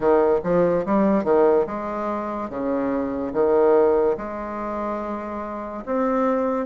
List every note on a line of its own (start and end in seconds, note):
0.00 0.39 D#3
0.43 0.85 F3
0.85 1.24 G3
1.24 1.66 D#3
1.66 2.49 G#3
2.49 3.33 C#3
3.33 4.16 D#3
4.17 5.83 G#3
5.85 6.66 C4